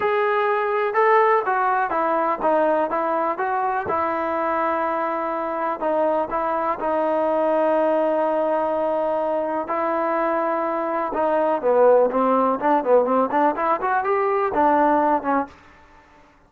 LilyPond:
\new Staff \with { instrumentName = "trombone" } { \time 4/4 \tempo 4 = 124 gis'2 a'4 fis'4 | e'4 dis'4 e'4 fis'4 | e'1 | dis'4 e'4 dis'2~ |
dis'1 | e'2. dis'4 | b4 c'4 d'8 b8 c'8 d'8 | e'8 fis'8 g'4 d'4. cis'8 | }